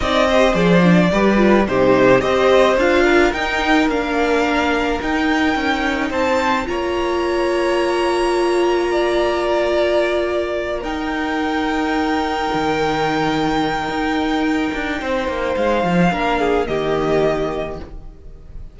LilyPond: <<
  \new Staff \with { instrumentName = "violin" } { \time 4/4 \tempo 4 = 108 dis''4 d''2 c''4 | dis''4 f''4 g''4 f''4~ | f''4 g''2 a''4 | ais''1~ |
ais''2.~ ais''8 g''8~ | g''1~ | g''1 | f''2 dis''2 | }
  \new Staff \with { instrumentName = "violin" } { \time 4/4 d''8 c''4. b'4 g'4 | c''4. ais'2~ ais'8~ | ais'2. c''4 | cis''1 |
d''2.~ d''8 ais'8~ | ais'1~ | ais'2. c''4~ | c''4 ais'8 gis'8 g'2 | }
  \new Staff \with { instrumentName = "viola" } { \time 4/4 dis'8 g'8 gis'8 d'8 g'8 f'8 dis'4 | g'4 f'4 dis'4 d'4~ | d'4 dis'2. | f'1~ |
f'2.~ f'8 dis'8~ | dis'1~ | dis'1~ | dis'4 d'4 ais2 | }
  \new Staff \with { instrumentName = "cello" } { \time 4/4 c'4 f4 g4 c4 | c'4 d'4 dis'4 ais4~ | ais4 dis'4 cis'4 c'4 | ais1~ |
ais2.~ ais8 dis'8~ | dis'2~ dis'8 dis4.~ | dis4 dis'4. d'8 c'8 ais8 | gis8 f8 ais4 dis2 | }
>>